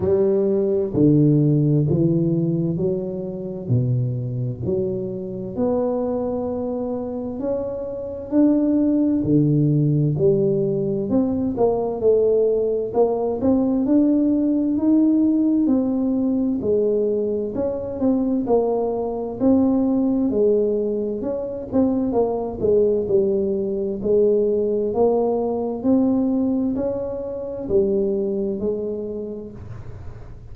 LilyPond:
\new Staff \with { instrumentName = "tuba" } { \time 4/4 \tempo 4 = 65 g4 d4 e4 fis4 | b,4 fis4 b2 | cis'4 d'4 d4 g4 | c'8 ais8 a4 ais8 c'8 d'4 |
dis'4 c'4 gis4 cis'8 c'8 | ais4 c'4 gis4 cis'8 c'8 | ais8 gis8 g4 gis4 ais4 | c'4 cis'4 g4 gis4 | }